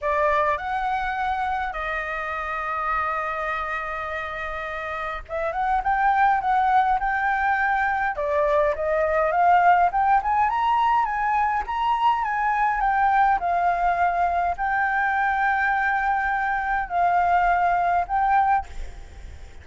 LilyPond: \new Staff \with { instrumentName = "flute" } { \time 4/4 \tempo 4 = 103 d''4 fis''2 dis''4~ | dis''1~ | dis''4 e''8 fis''8 g''4 fis''4 | g''2 d''4 dis''4 |
f''4 g''8 gis''8 ais''4 gis''4 | ais''4 gis''4 g''4 f''4~ | f''4 g''2.~ | g''4 f''2 g''4 | }